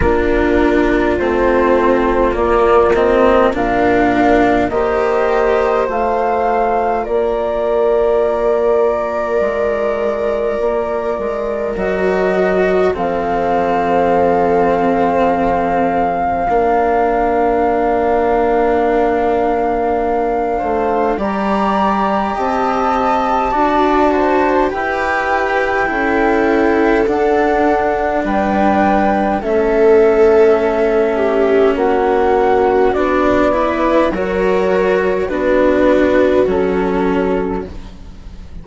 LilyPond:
<<
  \new Staff \with { instrumentName = "flute" } { \time 4/4 \tempo 4 = 51 ais'4 c''4 d''8 dis''8 f''4 | dis''4 f''4 d''2~ | d''2 dis''4 f''4~ | f''1~ |
f''2 ais''4 a''4~ | a''4 g''2 fis''4 | g''4 e''2 fis''4 | d''4 cis''4 b'4 a'4 | }
  \new Staff \with { instrumentName = "viola" } { \time 4/4 f'2. ais'4 | c''2 ais'2~ | ais'2. a'4~ | a'2 ais'2~ |
ais'4. c''8 d''4 dis''4 | d''8 c''8 b'4 a'2 | b'4 a'4. g'8 fis'4~ | fis'8 b'8 ais'4 fis'2 | }
  \new Staff \with { instrumentName = "cello" } { \time 4/4 d'4 c'4 ais8 c'8 d'4 | g'4 f'2.~ | f'2 fis'4 c'4~ | c'2 d'2~ |
d'2 g'2 | fis'4 g'4 e'4 d'4~ | d'4 cis'2. | d'8 e'8 fis'4 d'4 cis'4 | }
  \new Staff \with { instrumentName = "bassoon" } { \time 4/4 ais4 a4 ais4 ais,4 | ais4 a4 ais2 | gis4 ais8 gis8 fis4 f4~ | f2 ais2~ |
ais4. a8 g4 c'4 | d'4 e'4 cis'4 d'4 | g4 a2 ais4 | b4 fis4 b4 fis4 | }
>>